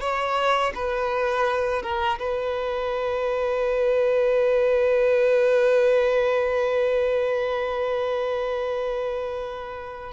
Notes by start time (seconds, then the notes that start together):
0.00 C#5
0.75 B4
1.82 A#4
2.19 B4